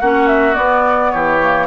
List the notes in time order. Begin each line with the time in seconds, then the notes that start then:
0.00 A#3 C#4 F#4 F#5
0.27 E5
0.54 B3 D5
1.11 E3 G4 C#5
1.42 A#3